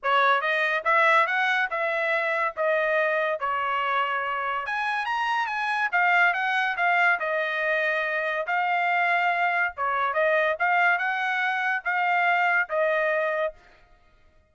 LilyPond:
\new Staff \with { instrumentName = "trumpet" } { \time 4/4 \tempo 4 = 142 cis''4 dis''4 e''4 fis''4 | e''2 dis''2 | cis''2. gis''4 | ais''4 gis''4 f''4 fis''4 |
f''4 dis''2. | f''2. cis''4 | dis''4 f''4 fis''2 | f''2 dis''2 | }